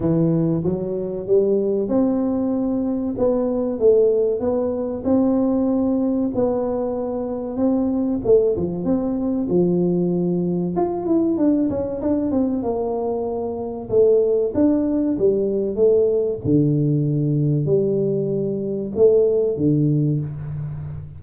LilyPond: \new Staff \with { instrumentName = "tuba" } { \time 4/4 \tempo 4 = 95 e4 fis4 g4 c'4~ | c'4 b4 a4 b4 | c'2 b2 | c'4 a8 f8 c'4 f4~ |
f4 f'8 e'8 d'8 cis'8 d'8 c'8 | ais2 a4 d'4 | g4 a4 d2 | g2 a4 d4 | }